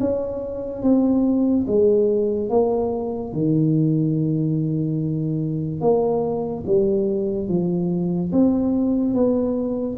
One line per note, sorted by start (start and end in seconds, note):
0.00 0.82 C#4
0.82 1.66 C4
1.67 2.49 G#3
2.49 3.32 A#3
3.32 5.80 D#3
5.80 6.64 A#3
6.66 7.48 G3
7.48 8.31 F3
8.32 9.14 C4
9.14 9.97 B3